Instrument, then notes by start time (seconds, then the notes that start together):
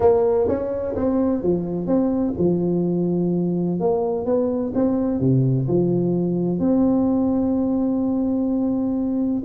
tuba
0.00 A#3
0.48 C#4
0.95 C4
1.42 F3
1.86 C4
2.38 F3
3.79 A#3
4.25 B3
4.74 C4
5.20 C3
5.68 F3
6.59 C4